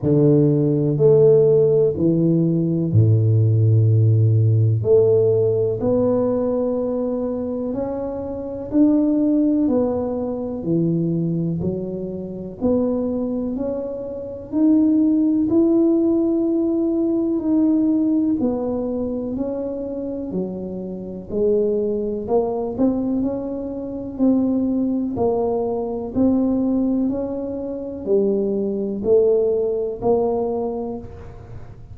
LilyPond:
\new Staff \with { instrumentName = "tuba" } { \time 4/4 \tempo 4 = 62 d4 a4 e4 a,4~ | a,4 a4 b2 | cis'4 d'4 b4 e4 | fis4 b4 cis'4 dis'4 |
e'2 dis'4 b4 | cis'4 fis4 gis4 ais8 c'8 | cis'4 c'4 ais4 c'4 | cis'4 g4 a4 ais4 | }